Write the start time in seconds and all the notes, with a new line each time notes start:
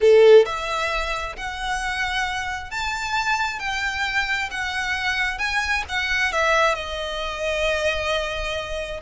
0.00 A4
0.45 E5
1.36 F#5
2.70 A5
3.59 G5
4.51 F#5
5.38 G#5
5.88 F#5
6.32 E5
6.74 D#5